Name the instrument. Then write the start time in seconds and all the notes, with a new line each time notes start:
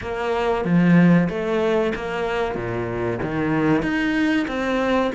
cello
0.01 A#3
0.64 F3
1.29 A3
1.95 A#3
2.55 A#2
3.22 D#3
3.82 D#4
4.47 C4